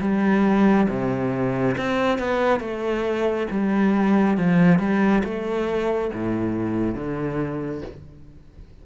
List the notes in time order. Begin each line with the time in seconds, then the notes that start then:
0.00 G3
0.88 C3
1.77 C4
2.19 B3
2.60 A3
3.50 G3
4.37 F3
4.79 G3
5.24 A3
6.13 A2
6.94 D3